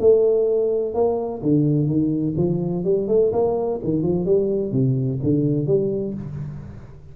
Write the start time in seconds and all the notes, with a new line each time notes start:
0.00 A3
0.95 A#3
1.43 D3
1.87 D#3
2.37 F3
2.84 G3
3.08 A3
3.33 A#3
3.84 D#3
4.03 F3
4.26 G3
4.72 C3
5.24 D3
5.67 G3